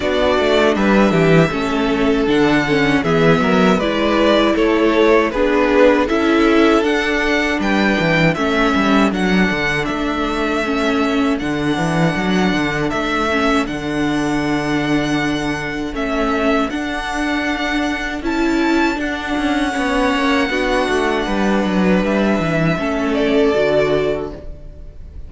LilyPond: <<
  \new Staff \with { instrumentName = "violin" } { \time 4/4 \tempo 4 = 79 d''4 e''2 fis''4 | e''4 d''4 cis''4 b'4 | e''4 fis''4 g''4 e''4 | fis''4 e''2 fis''4~ |
fis''4 e''4 fis''2~ | fis''4 e''4 fis''2 | a''4 fis''2.~ | fis''4 e''4. d''4. | }
  \new Staff \with { instrumentName = "violin" } { \time 4/4 fis'4 b'8 g'8 a'2 | gis'8 ais'8 b'4 a'4 gis'4 | a'2 b'4 a'4~ | a'1~ |
a'1~ | a'1~ | a'2 cis''4 fis'4 | b'2 a'2 | }
  \new Staff \with { instrumentName = "viola" } { \time 4/4 d'2 cis'4 d'8 cis'8 | b4 e'2 d'4 | e'4 d'2 cis'4 | d'2 cis'4 d'4~ |
d'4. cis'8 d'2~ | d'4 cis'4 d'2 | e'4 d'4 cis'4 d'4~ | d'2 cis'4 fis'4 | }
  \new Staff \with { instrumentName = "cello" } { \time 4/4 b8 a8 g8 e8 a4 d4 | e8 fis8 gis4 a4 b4 | cis'4 d'4 g8 e8 a8 g8 | fis8 d8 a2 d8 e8 |
fis8 d8 a4 d2~ | d4 a4 d'2 | cis'4 d'8 cis'8 b8 ais8 b8 a8 | g8 fis8 g8 e8 a4 d4 | }
>>